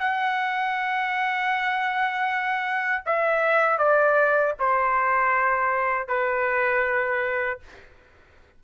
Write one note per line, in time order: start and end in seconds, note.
0.00 3.04 F#5
3.06 3.79 E5
3.79 4.55 D5
4.60 6.08 C5
6.08 7.60 B4